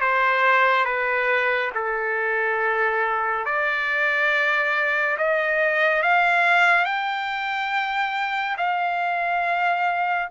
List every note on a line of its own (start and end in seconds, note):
0.00 0.85 C5
0.85 1.70 B4
1.74 3.45 A4
3.45 5.17 D5
5.17 6.02 D#5
6.02 6.85 F5
6.85 8.56 G5
8.57 10.28 F5